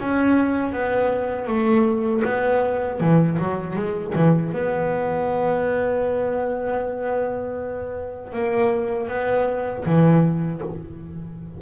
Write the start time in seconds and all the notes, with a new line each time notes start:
0.00 C#4
0.73 B3
1.47 A3
2.24 B3
3.00 E3
3.38 F#3
3.76 G#3
4.15 E3
4.53 B3
8.33 A#3
9.08 B3
9.85 E3